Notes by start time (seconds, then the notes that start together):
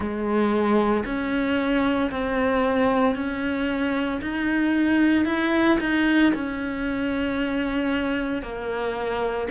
0.00 G#3
1.05 C#4
2.11 C4
3.15 C#4
4.21 D#4
5.25 E4
5.79 D#4
6.33 C#4
8.42 A#3